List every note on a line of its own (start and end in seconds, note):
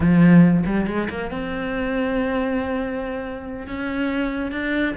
0.00 0.64 F3
0.66 0.87 G3
0.87 1.08 G#3
1.09 1.30 A#3
1.30 3.67 C4
3.67 4.51 C#4
4.51 4.94 D4